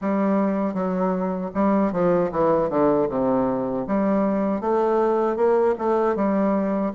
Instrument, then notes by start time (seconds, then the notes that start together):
bassoon
0.01 G3
0.73 F#3
1.54 G3
1.92 F3
2.31 E3
2.69 D3
3.08 C3
3.87 G3
4.60 A3
5.36 A#3
5.78 A3
6.15 G3